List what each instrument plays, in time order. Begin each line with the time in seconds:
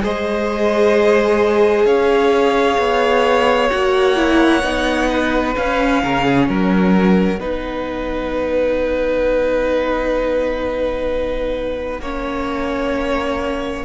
0.00 cello G#3, viola G#4, violin C5 D#5
1.86 cello C#4, violin C#5 F5
2.78 cello B3
3.70 cello A#3, viola F#4, violin F#5
4.16 viola E4
4.63 cello B3, viola D#4
5.10 violin B4
5.55 viola C#4, cello C#4, violin F5
6.03 cello C#3, violin A#4
6.25 violin G#4
6.48 cello F#3, violin A#4 F#5
7.38 cello B3, viola D#4, violin B4
12.00 cello A#3, viola C#4, violin C#5